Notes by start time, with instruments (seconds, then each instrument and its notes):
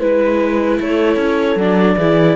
0.00 cello G#3, viola E4, clarinet B4, horn B4
0.80 cello A3, horn A4, clarinet C#5
1.17 cello C#4
1.56 cello F#3, viola D4, clarinet D5
1.97 cello E3, viola E4, horn G#4